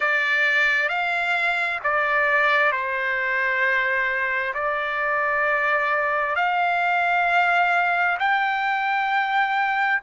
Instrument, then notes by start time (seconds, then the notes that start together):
trumpet
0.00 D5
0.88 F5
1.83 D5
2.71 C5
4.54 D5
6.35 F5
8.19 G5